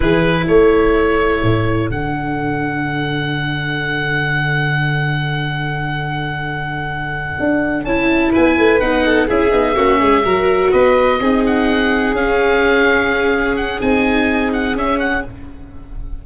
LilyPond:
<<
  \new Staff \with { instrumentName = "oboe" } { \time 4/4 \tempo 4 = 126 b'4 cis''2. | fis''1~ | fis''1~ | fis''1~ |
fis''8 a''4 gis''4 fis''4 e''8~ | e''2~ e''8 dis''4. | fis''4. f''2~ f''8~ | f''8 fis''8 gis''4. fis''8 e''8 fis''8 | }
  \new Staff \with { instrumentName = "violin" } { \time 4/4 gis'4 a'2.~ | a'1~ | a'1~ | a'1~ |
a'4. b'4. a'8 gis'8~ | gis'8 fis'8 gis'8 ais'4 b'4 gis'8~ | gis'1~ | gis'1 | }
  \new Staff \with { instrumentName = "viola" } { \time 4/4 e'1 | d'1~ | d'1~ | d'1~ |
d'8 e'2 dis'4 e'8 | dis'8 cis'4 fis'2 dis'8~ | dis'4. cis'2~ cis'8~ | cis'4 dis'2 cis'4 | }
  \new Staff \with { instrumentName = "tuba" } { \time 4/4 e4 a2 a,4 | d1~ | d1~ | d2.~ d8 d'8~ |
d'8 cis'4 b8 a8 b4 cis'8 | b8 ais8 gis8 fis4 b4 c'8~ | c'4. cis'2~ cis'8~ | cis'4 c'2 cis'4 | }
>>